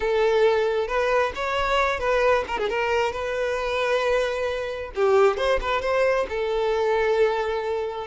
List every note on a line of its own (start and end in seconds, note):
0.00 0.87 A4
0.87 1.32 B4
1.35 1.99 C#5
1.99 2.44 B4
2.47 2.58 A#4
2.58 2.69 G#4
2.69 3.12 A#4
3.12 4.91 B4
4.95 5.37 G4
5.37 5.59 C5
5.61 5.81 B4
5.81 6.26 C5
6.29 8.07 A4